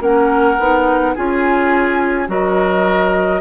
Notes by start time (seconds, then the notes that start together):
0.00 A#3 C#4 A#4 F#5
0.58 B3 D#4
1.14 C#4 F4 G#4 G#5
2.26 F#3 F#4 A#4 D#5